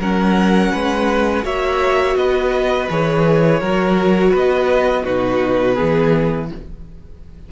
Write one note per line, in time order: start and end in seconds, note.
0.00 0.72 F#3
0.00 1.44 C#4
0.00 0.72 A#4
0.00 1.46 F#5
0.72 1.45 G#3
0.72 1.44 B4
1.44 2.16 A#3
1.44 2.88 F#4
1.44 2.17 C#5
1.44 2.17 E5
2.16 2.89 B3
2.16 3.60 B4
2.16 2.89 D#5
2.90 3.61 E3
2.90 3.61 G#4
2.90 4.36 C#5
3.60 4.34 F#3
3.60 5.05 F#4
3.60 4.31 A#4
4.31 5.07 B3
4.31 5.03 B4
4.37 5.05 D#5
5.04 5.79 B2
5.04 5.77 D#4
5.04 5.75 F#4
5.04 6.50 B4
5.75 6.52 E3
5.75 6.49 B3
5.75 6.47 G#4